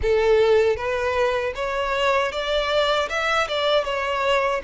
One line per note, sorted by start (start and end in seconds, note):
0.01 0.76 A4
0.76 1.53 B4
1.55 2.31 C#5
2.31 3.08 D5
3.09 3.47 E5
3.48 3.84 D5
3.84 4.61 C#5